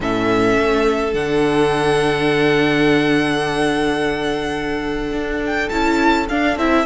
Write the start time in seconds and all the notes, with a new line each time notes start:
0.00 A2 C#4 A4 E5
0.58 A3
1.13 D3 D4 F#5
5.11 D4
5.46 G5
5.69 C#4 E4 A5
6.29 D4 F5
6.56 C4 E4 E5